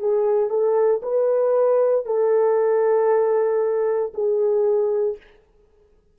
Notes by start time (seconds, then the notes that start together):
0.00 G#4
0.50 A4
1.03 B4
2.06 A4
4.14 G#4